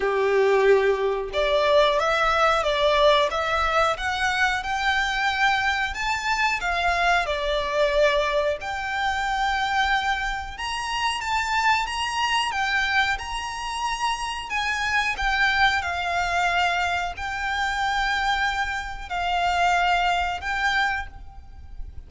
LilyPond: \new Staff \with { instrumentName = "violin" } { \time 4/4 \tempo 4 = 91 g'2 d''4 e''4 | d''4 e''4 fis''4 g''4~ | g''4 a''4 f''4 d''4~ | d''4 g''2. |
ais''4 a''4 ais''4 g''4 | ais''2 gis''4 g''4 | f''2 g''2~ | g''4 f''2 g''4 | }